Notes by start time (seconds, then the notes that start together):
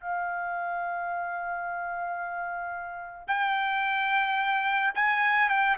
0.00 F5
3.28 G5
4.94 G#5
5.49 G5